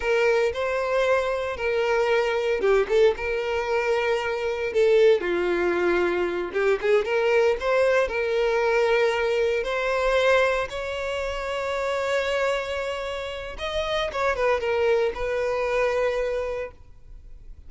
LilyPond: \new Staff \with { instrumentName = "violin" } { \time 4/4 \tempo 4 = 115 ais'4 c''2 ais'4~ | ais'4 g'8 a'8 ais'2~ | ais'4 a'4 f'2~ | f'8 g'8 gis'8 ais'4 c''4 ais'8~ |
ais'2~ ais'8 c''4.~ | c''8 cis''2.~ cis''8~ | cis''2 dis''4 cis''8 b'8 | ais'4 b'2. | }